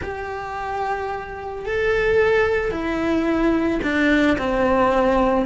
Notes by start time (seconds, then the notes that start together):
0.02 G4
1.65 A4
2.71 E4
3.82 D4
4.38 C4